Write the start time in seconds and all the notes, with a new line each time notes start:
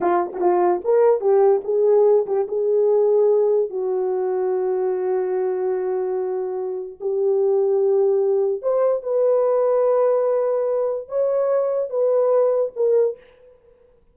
0.00 F4
0.33 F#4
0.40 F4
0.84 A#4
1.20 G4
1.64 G#4
2.26 G4
2.48 G#4
3.70 F#4
7.00 G4
8.62 C5
9.03 B4
11.08 C#5
11.90 B4
12.76 A#4